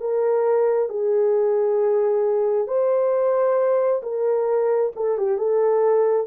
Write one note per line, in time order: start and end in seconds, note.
0.00 0.89 A#4
0.89 2.67 G#4
2.67 4.01 C5
4.03 4.92 A#4
4.95 5.18 A4
5.18 5.38 G4
5.38 6.27 A4